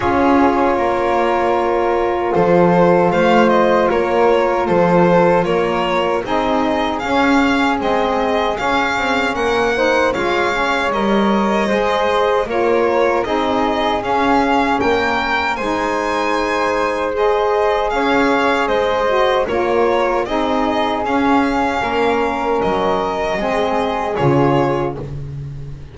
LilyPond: <<
  \new Staff \with { instrumentName = "violin" } { \time 4/4 \tempo 4 = 77 cis''2. c''4 | f''8 dis''8 cis''4 c''4 cis''4 | dis''4 f''4 dis''4 f''4 | fis''4 f''4 dis''2 |
cis''4 dis''4 f''4 g''4 | gis''2 dis''4 f''4 | dis''4 cis''4 dis''4 f''4~ | f''4 dis''2 cis''4 | }
  \new Staff \with { instrumentName = "flute" } { \time 4/4 gis'4 ais'2 a'4 | c''4 ais'4 a'4 ais'4 | gis'1 | ais'8 c''8 cis''2 c''4 |
ais'4 gis'2 ais'4 | c''2. cis''4 | c''4 ais'4 gis'2 | ais'2 gis'2 | }
  \new Staff \with { instrumentName = "saxophone" } { \time 4/4 f'1~ | f'1 | dis'4 cis'4 c'4 cis'4~ | cis'8 dis'8 f'8 cis'8 ais'4 gis'4 |
f'4 dis'4 cis'2 | dis'2 gis'2~ | gis'8 fis'8 f'4 dis'4 cis'4~ | cis'2 c'4 f'4 | }
  \new Staff \with { instrumentName = "double bass" } { \time 4/4 cis'4 ais2 f4 | a4 ais4 f4 ais4 | c'4 cis'4 gis4 cis'8 c'8 | ais4 gis4 g4 gis4 |
ais4 c'4 cis'4 ais4 | gis2. cis'4 | gis4 ais4 c'4 cis'4 | ais4 fis4 gis4 cis4 | }
>>